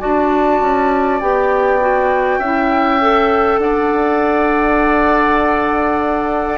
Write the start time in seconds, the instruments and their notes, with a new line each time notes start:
0.00 bassoon D4, clarinet F#4, oboe D5, flute A5
0.61 bassoon C#4
1.21 bassoon B3, clarinet G4, flute G5
1.81 clarinet F#4
2.39 bassoon C#4, clarinet E4, oboe E5
3.01 clarinet A4
3.59 bassoon D4, oboe D5, flute F#5